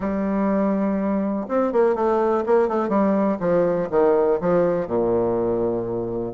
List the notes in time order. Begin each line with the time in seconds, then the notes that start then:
0.00 G3
1.48 C4
1.72 A#3
1.95 A3
2.46 A#3
2.68 A3
2.88 G3
3.40 F3
3.90 D#3
4.40 F3
4.87 A#2